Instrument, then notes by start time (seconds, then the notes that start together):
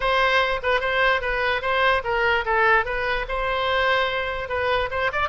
oboe
0.00 C5
0.63 B4
0.80 C5
1.21 B4
1.61 C5
2.04 A#4
2.45 A4
2.85 B4
3.28 C5
4.48 B4
4.90 C5
5.12 D5